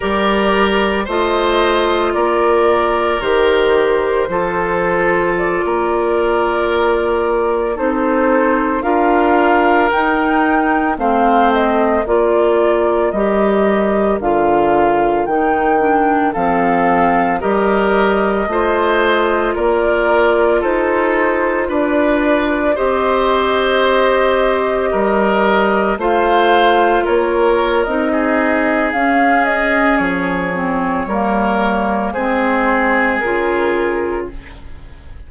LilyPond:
<<
  \new Staff \with { instrumentName = "flute" } { \time 4/4 \tempo 4 = 56 d''4 dis''4 d''4 c''4~ | c''4 d''2~ d''16 c''8.~ | c''16 f''4 g''4 f''8 dis''8 d''8.~ | d''16 dis''4 f''4 g''4 f''8.~ |
f''16 dis''2 d''4 c''8.~ | c''16 d''4 dis''2~ dis''8.~ | dis''16 f''4 cis''8. dis''4 f''8 dis''8 | cis''2 c''4 ais'4 | }
  \new Staff \with { instrumentName = "oboe" } { \time 4/4 ais'4 c''4 ais'2 | a'4~ a'16 ais'2 a'8.~ | a'16 ais'2 c''4 ais'8.~ | ais'2.~ ais'16 a'8.~ |
a'16 ais'4 c''4 ais'4 a'8.~ | a'16 b'4 c''2 ais'8.~ | ais'16 c''4 ais'4 gis'4.~ gis'16~ | gis'4 ais'4 gis'2 | }
  \new Staff \with { instrumentName = "clarinet" } { \time 4/4 g'4 f'2 g'4 | f'2.~ f'16 dis'8.~ | dis'16 f'4 dis'4 c'4 f'8.~ | f'16 g'4 f'4 dis'8 d'8 c'8.~ |
c'16 g'4 f'2~ f'8.~ | f'4~ f'16 g'2~ g'8.~ | g'16 f'4.~ f'16 dis'4 cis'4~ | cis'8 c'8 ais4 c'4 f'4 | }
  \new Staff \with { instrumentName = "bassoon" } { \time 4/4 g4 a4 ais4 dis4 | f4~ f16 ais2 c'8.~ | c'16 d'4 dis'4 a4 ais8.~ | ais16 g4 d4 dis4 f8.~ |
f16 g4 a4 ais4 dis'8.~ | dis'16 d'4 c'2 g8.~ | g16 a4 ais8. c'4 cis'4 | f4 g4 gis4 cis4 | }
>>